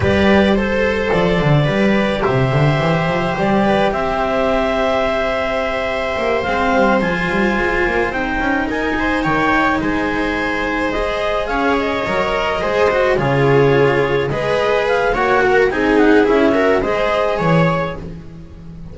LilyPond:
<<
  \new Staff \with { instrumentName = "clarinet" } { \time 4/4 \tempo 4 = 107 d''4 c''4 d''2 | e''2 d''4 e''4~ | e''2.~ e''8 f''8~ | f''8 gis''2 g''4 gis''8~ |
gis''8 g''4 gis''2 dis''8~ | dis''8 f''8 dis''2~ dis''8 cis''8~ | cis''4. dis''4 f''8 fis''4 | gis''8 fis''8 e''4 dis''4 cis''4 | }
  \new Staff \with { instrumentName = "viola" } { \time 4/4 b'4 c''2 b'4 | c''2~ c''8 b'8 c''4~ | c''1~ | c''2.~ c''8 ais'8 |
c''8 cis''4 c''2~ c''8~ | c''8 cis''2 c''4 gis'8~ | gis'4. b'4. cis''8 ais'8 | gis'4. ais'8 c''4 cis''4 | }
  \new Staff \with { instrumentName = "cello" } { \time 4/4 g'4 a'2 g'4~ | g'1~ | g'2.~ g'8 c'8~ | c'8 f'2 dis'4.~ |
dis'2.~ dis'8 gis'8~ | gis'4. ais'4 gis'8 fis'8 f'8~ | f'4. gis'4. fis'4 | dis'4 e'8 fis'8 gis'2 | }
  \new Staff \with { instrumentName = "double bass" } { \time 4/4 g2 f8 d8 g4 | c8 d8 e8 f8 g4 c'4~ | c'2. ais8 gis8 | g8 f8 g8 gis8 ais8 c'8 cis'8 dis'8~ |
dis'8 dis4 gis2~ gis8~ | gis8 cis'4 fis4 gis4 cis8~ | cis4. gis4. ais4 | c'4 cis'4 gis4 e4 | }
>>